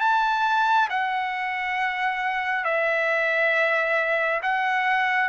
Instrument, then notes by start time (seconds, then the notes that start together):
trumpet
0.00 A5
0.90 F#5
2.64 E5
4.42 F#5